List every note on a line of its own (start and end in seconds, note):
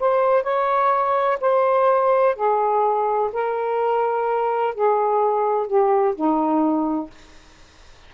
0.00 0.43 C5
0.43 1.39 C#5
1.41 2.35 C5
2.35 3.31 G#4
3.33 4.75 A#4
4.75 5.68 G#4
5.68 6.15 G4
6.15 7.10 D#4